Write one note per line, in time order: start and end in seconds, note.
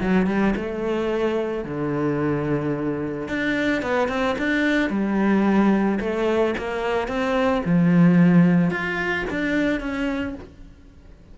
0.00 0.27 F#3
0.27 0.54 G3
0.56 1.65 A3
1.65 3.28 D3
3.28 3.82 D4
3.82 4.08 B3
4.08 4.36 C4
4.38 4.90 D4
4.90 5.99 G3
6.00 6.55 A3
6.58 7.08 A#3
7.08 7.62 C4
7.65 8.70 F3
8.70 9.25 F4
9.30 9.80 D4
9.80 10.35 C#4